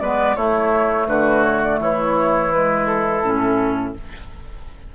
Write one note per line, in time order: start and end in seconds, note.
0.00 0.36 G#3
0.00 0.38 B3
0.00 0.36 B4
0.00 0.36 D5
0.36 1.07 A3
0.36 2.51 A3
0.36 1.07 E4
0.36 1.07 C#5
1.07 1.79 D3
1.07 1.80 F#4
1.07 1.43 B4
1.43 1.61 C#5
1.62 1.80 D5
1.80 3.22 E3
1.80 3.95 E4
1.80 2.52 C#5
2.51 3.22 G#3
2.51 2.86 B4
2.86 3.94 A4
3.23 3.95 A2
3.23 3.94 C#4